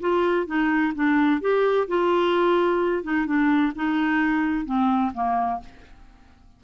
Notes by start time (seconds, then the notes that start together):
0.00 F4
0.46 D#4
0.95 D4
1.41 G4
1.88 F4
3.03 D#4
3.26 D4
3.75 D#4
4.65 C4
5.14 A#3